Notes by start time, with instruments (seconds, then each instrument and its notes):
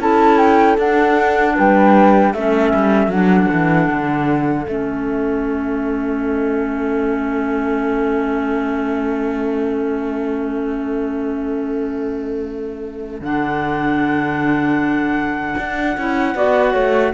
0.00 cello C#4, clarinet E4, horn A4, flute A5
0.38 flute G5
0.78 cello D4, clarinet D4, flute F#5
1.56 cello G3, horn B4, flute G5
2.34 cello A3, clarinet C#4, horn A4, flute E5
2.75 cello G3
3.08 cello F#3, clarinet D4, flute F#5
3.53 cello E3
3.90 cello D3
4.67 cello A3, clarinet C#4, flute E5
13.21 cello D3, clarinet D4, flute F#5
15.58 cello D4
15.98 cello C#4, clarinet E4
16.35 cello B3, clarinet F#4, horn D5
16.72 cello A3, horn C#5